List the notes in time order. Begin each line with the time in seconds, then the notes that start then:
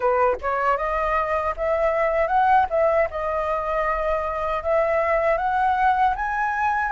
0.00 B4
0.41 C#5
0.77 D#5
1.57 E5
2.27 F#5
2.70 E5
3.10 D#5
4.63 E5
5.37 F#5
6.15 G#5